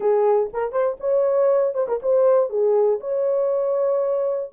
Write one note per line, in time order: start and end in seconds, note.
0.00 0.50 G#4
0.53 0.71 A#4
0.71 0.96 C5
1.00 1.74 C#5
1.74 1.86 C5
1.88 2.00 A#4
2.02 2.49 C5
2.49 2.99 G#4
3.00 4.50 C#5